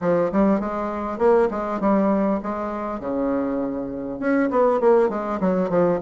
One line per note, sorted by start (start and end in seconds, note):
0.01 0.31 F3
0.32 0.60 G3
0.60 1.18 G#3
1.18 1.48 A#3
1.50 1.80 G#3
1.80 2.40 G3
2.42 3.00 G#3
3.00 4.19 C#3
4.19 4.49 C#4
4.50 4.80 B3
4.80 5.09 A#3
5.09 5.39 G#3
5.40 5.69 F#3
5.69 5.99 F3